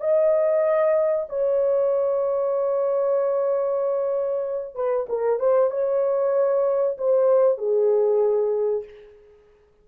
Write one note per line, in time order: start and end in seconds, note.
0.00 1.26 D#5
1.29 4.75 C#5
4.75 5.06 B4
5.09 5.39 A#4
5.39 5.70 C5
5.70 6.97 C#5
6.97 7.58 C5
7.58 8.84 G#4